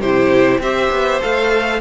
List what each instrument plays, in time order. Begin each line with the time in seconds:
0.00 cello C3, viola E4, violin G4 C5
0.59 cello C4, viola G4, violin C5 E5
0.90 cello B3
1.20 cello A3, viola A4, violin F5